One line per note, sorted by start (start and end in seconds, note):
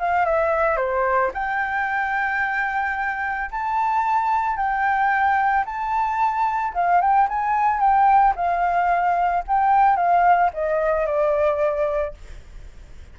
0.00 0.26 F5
0.26 0.77 E5
0.77 1.31 C5
1.34 3.51 G5
3.51 4.57 A5
4.57 5.65 G5
5.66 6.74 A5
6.74 7.01 F5
7.01 7.28 G5
7.29 7.80 G#5
7.80 8.34 G5
8.36 9.44 F5
9.48 9.97 G5
9.97 10.51 F5
10.54 11.07 D#5
11.07 12.15 D5